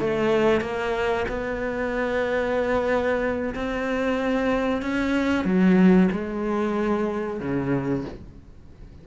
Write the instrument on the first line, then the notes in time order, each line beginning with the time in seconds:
cello
0.00 A3
0.61 A#3
1.29 B3
3.55 C4
4.82 C#4
5.45 F#3
6.12 G#3
7.40 C#3